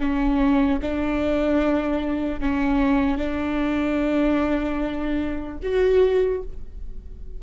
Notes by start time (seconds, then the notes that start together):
0.00 C#4
0.82 D4
2.41 C#4
3.18 D4
5.63 F#4